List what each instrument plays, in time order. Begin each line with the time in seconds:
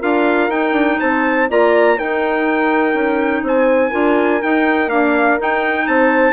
0.00 bassoon D4, clarinet F4, horn A#4, trumpet F5
0.49 bassoon D#4, clarinet D#4, trumpet G5
0.73 bassoon D4
1.00 bassoon C4, horn C5, trumpet A5
1.49 bassoon A#3, clarinet F4, horn D5, trumpet A#5
1.97 clarinet D#4, bassoon D#4, horn A#4, trumpet G5
2.95 bassoon C#4
3.43 bassoon C4, horn C5, trumpet G#5
3.90 bassoon D4, clarinet F4, horn A#4
4.42 clarinet D#4, bassoon D#4, trumpet G5
4.87 clarinet A#3, bassoon D4, trumpet F5
5.39 clarinet D#4, bassoon D#4, trumpet G5
5.88 bassoon C4, horn C5, trumpet A5